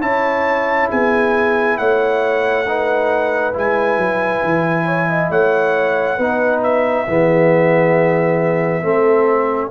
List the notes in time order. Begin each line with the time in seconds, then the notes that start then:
0.00 C#4 E4 C#5 A5
0.89 B3 G#4 G#5
1.78 A3 C#5 F#5
2.68 D#4 B4
3.53 G#3 E4 G#5
3.97 F#3
4.44 E3
4.85 C#5
5.09 D#5
5.30 A3 C#5 F#5
6.17 B3 D#4 B4
6.62 E5
7.07 E3 B3 G#4
8.83 A3 C4 A4